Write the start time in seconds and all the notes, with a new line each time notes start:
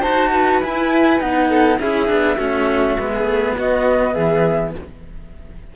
0.00 D#4 F#4 C5 A5
0.30 B4
0.62 E4 G#5
1.19 B3 D#4 F#5
1.49 A4
1.79 C#4 E4 G#4 E5
2.07 B3 D4
2.37 A3 C#4 F#4
2.99 G#3 B3
3.12 G#4
3.22 A3
3.58 B3 F#4 D#5
4.13 E3 G#4 E5